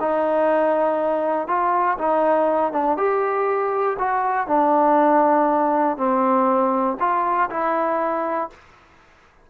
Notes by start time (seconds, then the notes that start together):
0.00 D#4
1.48 F4
1.98 D#4
2.73 D4
2.97 G4
3.99 F#4
4.47 D4
5.97 C4
7.00 F4
7.50 E4